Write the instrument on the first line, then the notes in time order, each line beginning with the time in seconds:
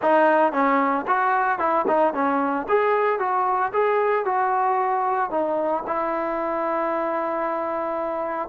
trombone
0.01 D#4
0.52 C#4
1.07 F#4
1.59 E4
1.87 D#4
2.13 C#4
2.68 G#4
3.19 F#4
3.72 G#4
4.25 F#4
5.30 D#4
5.86 E4